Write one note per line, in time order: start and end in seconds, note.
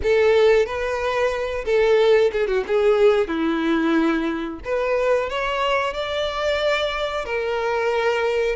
0.02 0.66 A4
0.66 1.65 B4
1.65 2.31 A4
2.32 2.47 G#4
2.47 2.63 F#4
2.67 3.27 G#4
3.27 4.59 E4
4.64 5.29 B4
5.29 5.93 C#5
5.93 7.25 D5
7.25 8.55 A#4